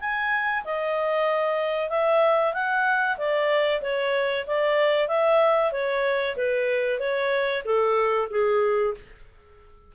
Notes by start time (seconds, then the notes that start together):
0.00 G#5
0.64 D#5
1.90 E5
2.54 F#5
3.18 D5
3.82 C#5
4.47 D5
5.08 E5
5.72 C#5
6.37 B4
7.00 C#5
7.65 A4
8.31 G#4